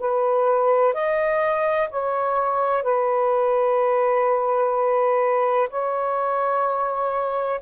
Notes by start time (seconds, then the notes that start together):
0.00 B4
0.94 D#5
1.90 C#5
2.84 B4
5.71 C#5